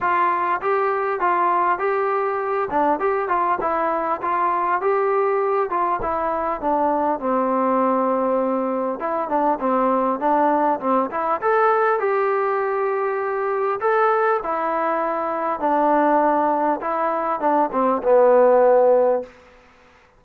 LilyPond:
\new Staff \with { instrumentName = "trombone" } { \time 4/4 \tempo 4 = 100 f'4 g'4 f'4 g'4~ | g'8 d'8 g'8 f'8 e'4 f'4 | g'4. f'8 e'4 d'4 | c'2. e'8 d'8 |
c'4 d'4 c'8 e'8 a'4 | g'2. a'4 | e'2 d'2 | e'4 d'8 c'8 b2 | }